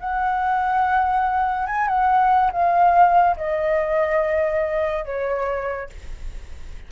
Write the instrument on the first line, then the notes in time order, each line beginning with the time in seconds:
flute
0.00 F#5
1.67 G#5
1.88 F#5
2.52 F5
3.37 D#5
5.06 C#5